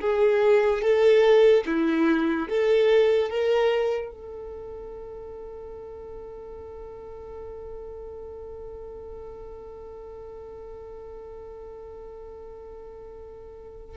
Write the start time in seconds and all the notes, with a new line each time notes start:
0.00 G#4
0.81 A4
1.66 E4
2.48 A4
3.29 A#4
4.11 A4